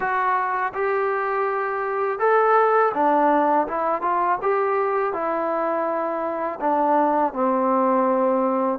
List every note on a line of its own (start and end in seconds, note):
0.00 0.73 F#4
0.74 2.19 G4
2.19 2.92 A4
2.94 3.67 D4
3.67 4.01 E4
4.01 4.38 F4
4.42 5.13 G4
5.13 6.59 E4
6.60 7.33 D4
7.33 8.79 C4